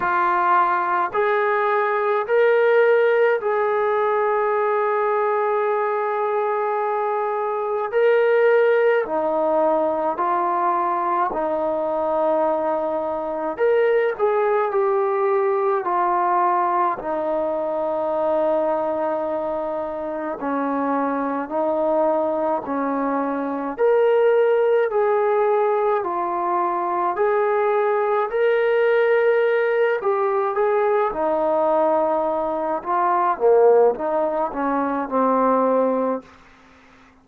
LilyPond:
\new Staff \with { instrumentName = "trombone" } { \time 4/4 \tempo 4 = 53 f'4 gis'4 ais'4 gis'4~ | gis'2. ais'4 | dis'4 f'4 dis'2 | ais'8 gis'8 g'4 f'4 dis'4~ |
dis'2 cis'4 dis'4 | cis'4 ais'4 gis'4 f'4 | gis'4 ais'4. g'8 gis'8 dis'8~ | dis'4 f'8 ais8 dis'8 cis'8 c'4 | }